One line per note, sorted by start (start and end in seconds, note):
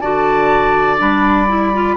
0.00 1.00 D3
0.00 0.98 F#4
0.00 1.94 D5
0.00 0.97 A5
0.98 1.96 G3
0.98 1.46 D4
0.98 1.96 B5
1.48 1.72 E4
1.74 1.96 F4